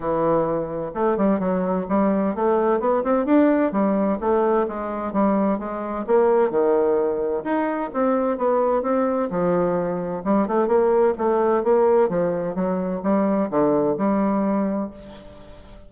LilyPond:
\new Staff \with { instrumentName = "bassoon" } { \time 4/4 \tempo 4 = 129 e2 a8 g8 fis4 | g4 a4 b8 c'8 d'4 | g4 a4 gis4 g4 | gis4 ais4 dis2 |
dis'4 c'4 b4 c'4 | f2 g8 a8 ais4 | a4 ais4 f4 fis4 | g4 d4 g2 | }